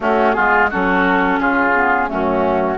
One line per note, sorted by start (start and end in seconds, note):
0.00 0.35 A3
0.00 0.34 A3
0.00 0.35 C#4
0.00 0.33 F#4
0.33 0.72 G#3
0.33 0.69 B3
0.33 0.70 F4
0.33 0.68 G#4
0.70 1.38 F#3
0.70 1.74 C#4
0.70 1.39 F#4
0.70 1.39 A4
1.38 2.08 C#3
1.38 2.09 F4
1.38 2.09 G#4
1.74 2.07 B3
2.07 2.77 F#2
2.07 2.77 A3
2.07 2.77 C#4
2.07 2.77 F#4